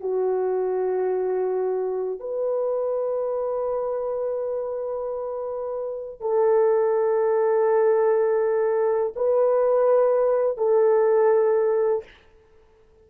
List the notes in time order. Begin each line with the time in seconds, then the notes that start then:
0.00 F#4
2.20 B4
6.21 A4
9.16 B4
10.57 A4